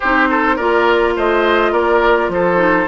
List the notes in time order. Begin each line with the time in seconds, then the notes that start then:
0.00 C4 D#4 G4 C5
0.30 A4
0.55 A#3 F4 A#4 D5
1.16 A3 C5 D#5
1.72 A#3 A#4 D5
2.28 F3 A4 C5
2.56 D#4